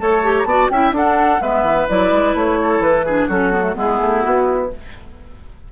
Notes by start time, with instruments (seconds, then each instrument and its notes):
0.00 bassoon A3, clarinet A4, oboe C#5, flute A5
0.24 clarinet G4
0.38 flute A#5
0.45 bassoon B3, clarinet F#4, oboe D5, flute A5
0.70 bassoon C#4, clarinet E4, oboe E5, flute G5
0.92 bassoon D4, clarinet D4, oboe A4, flute F#5
1.42 bassoon G#3, clarinet B3, oboe B4, flute E5
1.63 bassoon E3
1.89 bassoon F#3, clarinet E4, flute D5
2.12 bassoon G#3
2.35 bassoon A3, flute C#5
2.62 oboe A4
2.80 bassoon E3, flute B4
3.06 clarinet D4, oboe G#4
3.28 bassoon F#3, clarinet C#4, oboe F#4, flute A4
3.52 clarinet B3
3.62 clarinet A3
3.75 bassoon G#3, clarinet B3, oboe E4, flute G#4
4.01 bassoon A3
4.22 bassoon B3, flute F#4